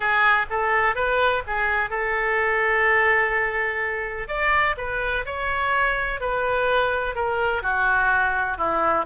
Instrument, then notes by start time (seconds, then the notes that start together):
oboe
0.00 G#4
0.50 A4
0.95 B4
1.46 G#4
1.90 A4
4.28 D5
4.77 B4
5.25 C#5
6.20 B4
7.15 A#4
7.62 F#4
8.57 E4